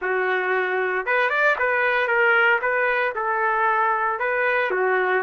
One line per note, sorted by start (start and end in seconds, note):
0.01 1.06 F#4
1.06 1.29 B4
1.29 1.55 D5
1.58 2.07 B4
2.07 2.59 A#4
2.61 3.13 B4
3.15 4.19 A4
4.19 4.71 B4
4.71 5.22 F#4